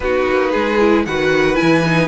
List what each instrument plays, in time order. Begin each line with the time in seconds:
0.00 cello B3, viola D#4, violin F#4 B4
0.28 cello A#3
0.51 cello G#3, violin G#4
0.79 viola E4
1.05 cello D#3, viola F#4, violin B4 F#5
1.54 viola E4, violin G#5
1.61 cello E3
1.85 viola D#4